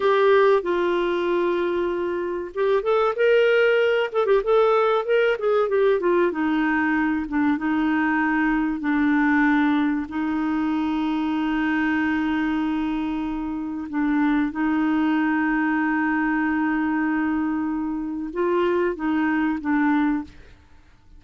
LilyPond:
\new Staff \with { instrumentName = "clarinet" } { \time 4/4 \tempo 4 = 95 g'4 f'2. | g'8 a'8 ais'4. a'16 g'16 a'4 | ais'8 gis'8 g'8 f'8 dis'4. d'8 | dis'2 d'2 |
dis'1~ | dis'2 d'4 dis'4~ | dis'1~ | dis'4 f'4 dis'4 d'4 | }